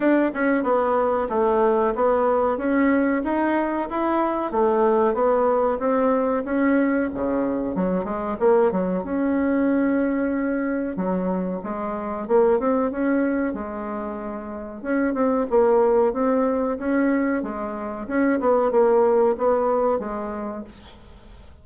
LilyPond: \new Staff \with { instrumentName = "bassoon" } { \time 4/4 \tempo 4 = 93 d'8 cis'8 b4 a4 b4 | cis'4 dis'4 e'4 a4 | b4 c'4 cis'4 cis4 | fis8 gis8 ais8 fis8 cis'2~ |
cis'4 fis4 gis4 ais8 c'8 | cis'4 gis2 cis'8 c'8 | ais4 c'4 cis'4 gis4 | cis'8 b8 ais4 b4 gis4 | }